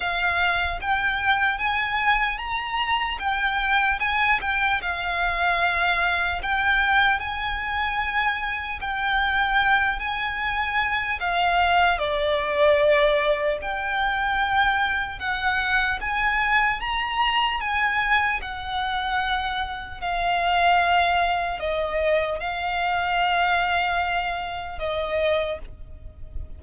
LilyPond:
\new Staff \with { instrumentName = "violin" } { \time 4/4 \tempo 4 = 75 f''4 g''4 gis''4 ais''4 | g''4 gis''8 g''8 f''2 | g''4 gis''2 g''4~ | g''8 gis''4. f''4 d''4~ |
d''4 g''2 fis''4 | gis''4 ais''4 gis''4 fis''4~ | fis''4 f''2 dis''4 | f''2. dis''4 | }